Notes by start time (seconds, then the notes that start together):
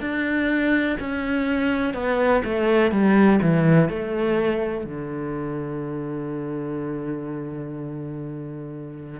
0.00 D4
0.99 C#4
1.94 B3
2.44 A3
2.92 G3
3.42 E3
3.89 A3
4.85 D3